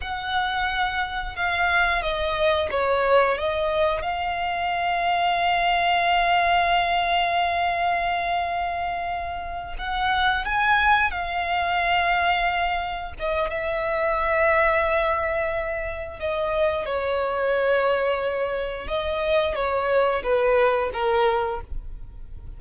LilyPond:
\new Staff \with { instrumentName = "violin" } { \time 4/4 \tempo 4 = 89 fis''2 f''4 dis''4 | cis''4 dis''4 f''2~ | f''1~ | f''2~ f''8 fis''4 gis''8~ |
gis''8 f''2. dis''8 | e''1 | dis''4 cis''2. | dis''4 cis''4 b'4 ais'4 | }